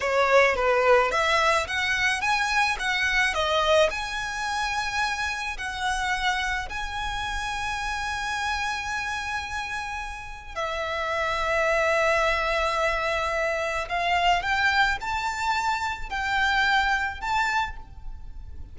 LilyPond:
\new Staff \with { instrumentName = "violin" } { \time 4/4 \tempo 4 = 108 cis''4 b'4 e''4 fis''4 | gis''4 fis''4 dis''4 gis''4~ | gis''2 fis''2 | gis''1~ |
gis''2. e''4~ | e''1~ | e''4 f''4 g''4 a''4~ | a''4 g''2 a''4 | }